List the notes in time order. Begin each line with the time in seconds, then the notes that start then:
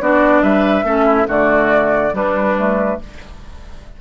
0.00 B3 D4 F#4 D5
0.42 G3 B4 E5
0.83 A3 C#4 A4
1.05 E4
1.25 D3 A3 F#4 D5
2.11 G3 D4 B4
2.57 A3